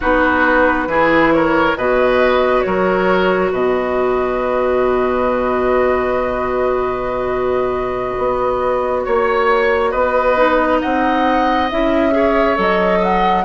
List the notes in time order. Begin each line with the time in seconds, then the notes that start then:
0.00 B3 D#4 F#4 B4
0.87 E3 E4 G#4
1.32 A#4 C#5
1.76 B2 F#4 B4 D#5
2.61 F#3 A#4 C#5
3.51 B2 B4 D#5
8.17 B3
9.03 A#3 C#5
9.90 B3 B4 D#5
10.37 D#4
10.81 C4 D#5 F#5
11.70 C#4 E4 E5
12.11 G#4 C#5
12.55 F#3 A4 D#5
12.99 D#5 F#5